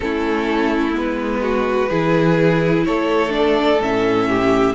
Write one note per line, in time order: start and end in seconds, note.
0.00 0.94 A3
0.00 0.92 C#4
0.00 1.41 E4
0.00 0.95 A4
0.92 1.90 G#3
0.92 1.87 B3
0.92 2.85 B4
1.41 1.89 F#4
1.89 2.85 E3
1.89 3.29 E4
1.89 2.84 G#4
2.85 3.80 A3
2.85 4.29 A4
2.85 3.33 C#5
3.29 3.77 D4
3.29 3.81 D5
3.80 4.75 A2
3.80 4.75 C#4
3.80 4.75 E5
4.29 4.75 G4